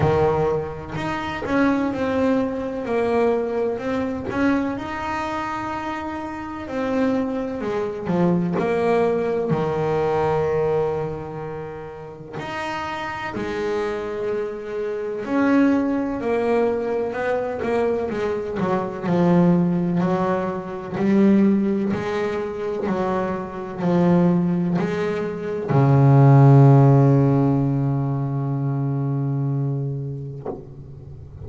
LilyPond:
\new Staff \with { instrumentName = "double bass" } { \time 4/4 \tempo 4 = 63 dis4 dis'8 cis'8 c'4 ais4 | c'8 cis'8 dis'2 c'4 | gis8 f8 ais4 dis2~ | dis4 dis'4 gis2 |
cis'4 ais4 b8 ais8 gis8 fis8 | f4 fis4 g4 gis4 | fis4 f4 gis4 cis4~ | cis1 | }